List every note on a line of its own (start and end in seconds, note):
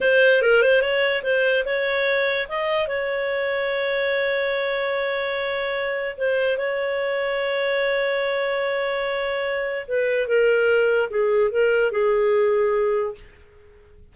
0.00 0.41 C5
0.41 0.62 A#4
0.62 0.81 C5
0.81 1.22 C#5
1.23 1.64 C5
1.65 2.47 C#5
2.48 2.87 D#5
2.87 6.16 C#5
6.17 6.57 C5
6.57 9.86 C#5
9.87 10.27 B4
10.27 11.09 A#4
11.10 11.50 G#4
11.50 11.91 A#4
11.91 13.14 G#4